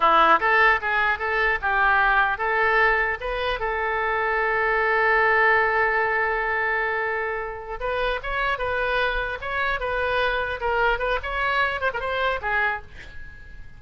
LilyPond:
\new Staff \with { instrumentName = "oboe" } { \time 4/4 \tempo 4 = 150 e'4 a'4 gis'4 a'4 | g'2 a'2 | b'4 a'2.~ | a'1~ |
a'2.~ a'8 b'8~ | b'8 cis''4 b'2 cis''8~ | cis''8 b'2 ais'4 b'8 | cis''4. c''16 ais'16 c''4 gis'4 | }